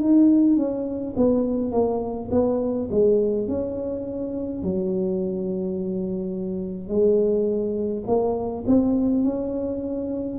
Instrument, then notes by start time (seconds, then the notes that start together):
tuba
0.00 D#4
0.56 C#4
1.16 B3
1.72 A#3
2.31 B3
2.91 G#3
3.47 C#4
4.63 F#3
6.88 G#3
8.07 A#3
8.66 C4
9.24 C#4